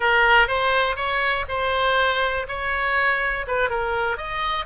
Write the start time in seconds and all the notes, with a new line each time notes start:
0.00 A#4
0.47 C5
0.96 C#5
1.48 C5
2.47 C#5
3.47 B4
3.69 A#4
4.17 D#5